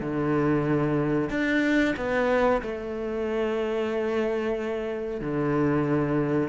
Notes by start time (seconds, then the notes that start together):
0.00 D3
1.29 D4
1.96 B3
2.61 A3
5.21 D3